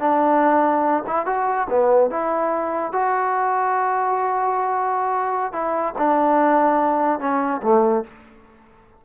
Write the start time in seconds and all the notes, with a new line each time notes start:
0.00 D4
1.07 E4
1.26 F#4
1.70 B3
2.11 E4
2.93 F#4
5.53 E4
5.98 D4
7.20 C#4
7.63 A3